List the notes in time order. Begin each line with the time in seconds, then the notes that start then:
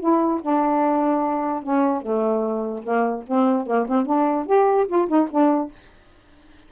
0.00 E4
0.42 D4
1.63 C#4
2.02 A3
2.83 A#3
3.27 C4
3.67 A#3
3.89 C4
4.06 D4
4.46 G4
4.88 F4
5.08 D#4
5.31 D4